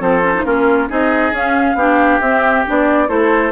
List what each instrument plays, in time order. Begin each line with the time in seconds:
0.00 bassoon F3, clarinet C4, oboe A4, flute C5
0.23 clarinet C#4
0.35 clarinet D#4
0.45 bassoon A#3, clarinet C#4, oboe F4, flute A#4
0.89 bassoon C4, clarinet D#4, oboe G#4, flute D#5
1.32 bassoon C#4, clarinet C#4, flute F5
1.75 bassoon B3, clarinet D4, oboe G4
2.21 bassoon C4, clarinet C4, flute E5
2.66 bassoon B3, clarinet D4, flute D5
3.08 bassoon A3, clarinet E4, oboe A4, flute C5